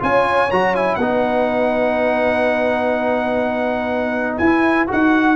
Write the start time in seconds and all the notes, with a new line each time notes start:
0.00 C#4 F4 C#5 G#5
0.51 F#3 F#4 A#5
0.76 E4 G#5
0.96 B3 D#4 B4 F#5
4.38 E4 G#5
4.88 D#4 F#4 F#5